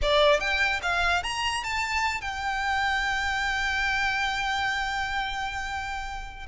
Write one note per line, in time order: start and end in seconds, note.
0.02 0.39 D5
0.39 0.80 G5
0.82 1.23 F5
1.23 1.63 A#5
1.63 2.21 A5
2.21 6.46 G5